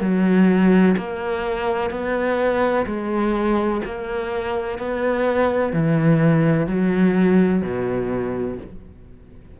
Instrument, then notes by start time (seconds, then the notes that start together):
cello
0.00 F#3
0.97 A#3
1.90 B3
2.86 G#3
3.85 A#3
4.78 B3
5.72 E3
6.66 F#3
7.61 B2